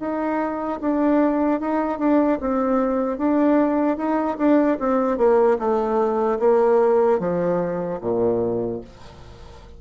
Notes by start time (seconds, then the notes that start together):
0.00 D#4
0.81 D4
1.61 D#4
1.99 D4
2.41 C4
3.18 D4
3.97 D#4
4.38 D4
4.80 C4
5.18 A#3
5.59 A3
6.40 A#3
7.20 F3
8.01 A#2